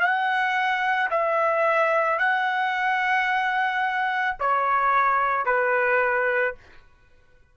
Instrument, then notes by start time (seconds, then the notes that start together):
trumpet
0.00 F#5
1.10 E5
2.19 F#5
4.39 C#5
5.45 B4